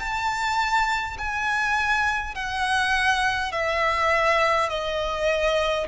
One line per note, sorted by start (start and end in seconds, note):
0.00 1.18 A5
1.18 2.35 G#5
2.35 3.52 F#5
3.52 4.69 E5
4.69 5.87 D#5